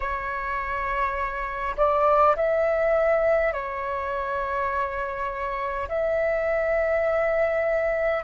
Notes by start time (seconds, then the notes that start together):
0.00 C#5
1.76 D5
2.36 E5
3.52 C#5
5.88 E5